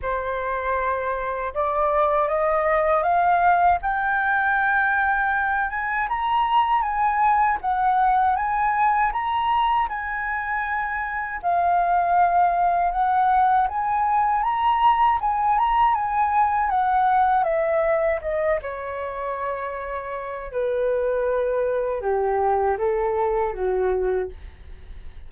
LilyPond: \new Staff \with { instrumentName = "flute" } { \time 4/4 \tempo 4 = 79 c''2 d''4 dis''4 | f''4 g''2~ g''8 gis''8 | ais''4 gis''4 fis''4 gis''4 | ais''4 gis''2 f''4~ |
f''4 fis''4 gis''4 ais''4 | gis''8 ais''8 gis''4 fis''4 e''4 | dis''8 cis''2~ cis''8 b'4~ | b'4 g'4 a'4 fis'4 | }